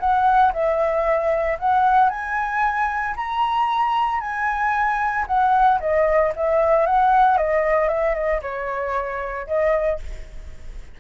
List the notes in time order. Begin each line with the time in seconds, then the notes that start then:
0.00 F#5
0.53 E5
1.60 F#5
2.10 G#5
3.17 A#5
4.21 G#5
5.27 F#5
5.80 D#5
6.36 E5
6.87 F#5
7.38 D#5
7.89 E5
8.15 D#5
8.42 C#5
9.47 D#5